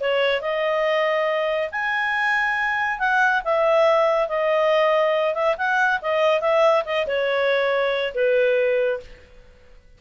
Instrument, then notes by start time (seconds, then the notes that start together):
clarinet
0.00 C#5
0.41 D#5
1.72 G#5
3.00 F#5
3.45 E5
4.29 D#5
5.35 E5
5.58 F#5
6.02 D#5
6.41 E5
6.85 D#5
7.07 C#5
8.14 B4